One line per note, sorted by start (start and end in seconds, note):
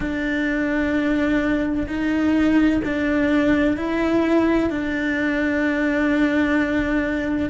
0.00 1.86 D4
1.87 2.81 D#4
2.84 3.77 D4
3.77 4.70 E4
4.70 7.49 D4